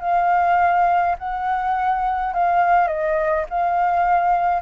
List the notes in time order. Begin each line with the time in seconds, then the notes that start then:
0.00 F5
1.18 F#5
2.33 F5
2.87 D#5
3.49 F5